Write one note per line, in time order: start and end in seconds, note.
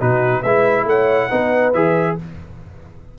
0.00 0.44 B2
0.00 0.44 D#4
0.00 0.42 F#4
0.00 0.43 B4
0.42 0.85 G#3
0.42 1.30 E4
0.42 0.85 B4
0.42 0.86 E5
0.85 1.29 A3
0.85 1.29 C#5
0.85 1.73 F#5
1.29 1.74 B3
1.29 1.74 D#4
1.29 2.16 B4
1.73 2.18 E3
1.73 2.19 G#4
1.73 2.17 E5